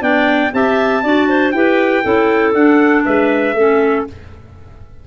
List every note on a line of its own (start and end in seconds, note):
0.00 0.52 B3
0.00 0.50 D4
0.00 0.52 D5
0.00 0.53 G5
0.53 1.04 C4
0.53 1.03 G4
0.53 1.04 E5
0.53 1.51 A5
1.04 1.54 D4
1.04 1.54 F#4
1.04 1.29 D5
1.29 1.54 C5
1.51 2.04 E4
1.51 2.04 G4
1.51 2.04 B4
1.51 2.52 G5
2.04 2.54 C#4
2.04 2.54 E4
2.04 3.05 A4
2.54 3.05 D4
2.54 3.56 D4
2.54 3.05 F#5
3.05 3.54 G#3
3.05 3.56 B4
3.05 4.06 E5
3.54 4.04 A3
3.54 4.07 C#4
3.54 4.08 A4